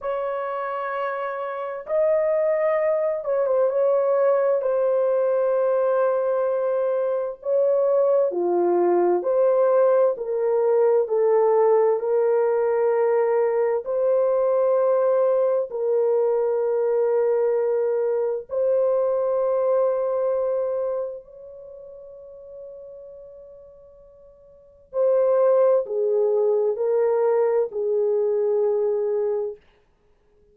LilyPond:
\new Staff \with { instrumentName = "horn" } { \time 4/4 \tempo 4 = 65 cis''2 dis''4. cis''16 c''16 | cis''4 c''2. | cis''4 f'4 c''4 ais'4 | a'4 ais'2 c''4~ |
c''4 ais'2. | c''2. cis''4~ | cis''2. c''4 | gis'4 ais'4 gis'2 | }